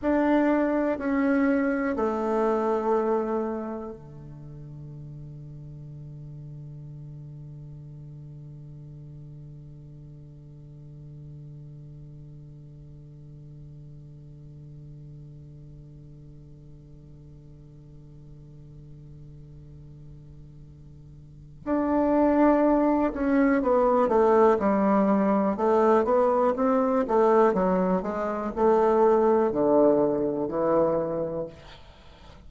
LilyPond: \new Staff \with { instrumentName = "bassoon" } { \time 4/4 \tempo 4 = 61 d'4 cis'4 a2 | d1~ | d1~ | d1~ |
d1~ | d2 d'4. cis'8 | b8 a8 g4 a8 b8 c'8 a8 | fis8 gis8 a4 d4 e4 | }